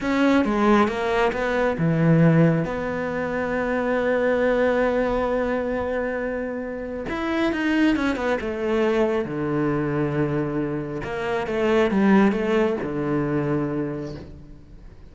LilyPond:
\new Staff \with { instrumentName = "cello" } { \time 4/4 \tempo 4 = 136 cis'4 gis4 ais4 b4 | e2 b2~ | b1~ | b1 |
e'4 dis'4 cis'8 b8 a4~ | a4 d2.~ | d4 ais4 a4 g4 | a4 d2. | }